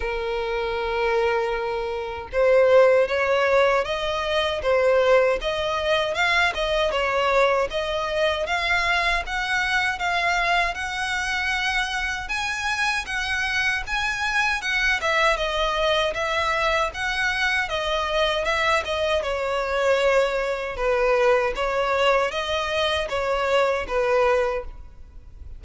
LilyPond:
\new Staff \with { instrumentName = "violin" } { \time 4/4 \tempo 4 = 78 ais'2. c''4 | cis''4 dis''4 c''4 dis''4 | f''8 dis''8 cis''4 dis''4 f''4 | fis''4 f''4 fis''2 |
gis''4 fis''4 gis''4 fis''8 e''8 | dis''4 e''4 fis''4 dis''4 | e''8 dis''8 cis''2 b'4 | cis''4 dis''4 cis''4 b'4 | }